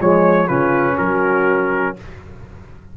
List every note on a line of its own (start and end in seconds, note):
0.00 0.49 F3
0.00 0.49 G#3
0.00 0.47 C#5
0.00 0.48 C#5
0.47 0.98 C#3
0.47 1.97 C#4
0.47 0.96 F4
0.47 0.97 B4
0.98 1.98 F#3
0.98 1.96 F#4
0.98 1.96 A#4